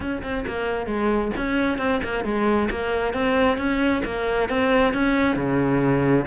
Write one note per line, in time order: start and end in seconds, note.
0.00 0.22 C#4
0.22 0.45 C4
0.47 0.86 A#3
0.86 1.31 G#3
1.37 1.77 C#4
1.77 2.00 C4
2.03 2.24 A#3
2.24 2.69 G#3
2.70 3.13 A#3
3.13 3.57 C4
3.57 4.02 C#4
4.05 4.49 A#3
4.49 4.93 C4
4.93 5.35 C#4
5.35 6.25 C#3